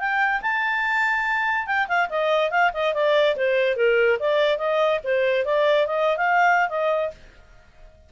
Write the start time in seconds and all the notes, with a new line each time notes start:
0.00 G5
0.42 A5
1.67 G5
1.88 F5
2.10 D#5
2.51 F5
2.74 D#5
2.94 D5
3.37 C5
3.77 A#4
4.20 D5
4.58 D#5
5.04 C5
5.45 D5
5.87 D#5
6.17 F5
6.70 D#5